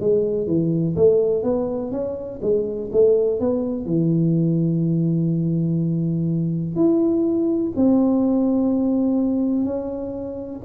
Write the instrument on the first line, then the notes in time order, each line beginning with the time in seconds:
tuba
0.00 G#3
0.47 E3
0.96 A3
1.43 B3
1.91 C#4
2.42 G#3
2.92 A3
3.40 B3
3.85 E3
6.75 E4
7.76 C4
9.65 C#4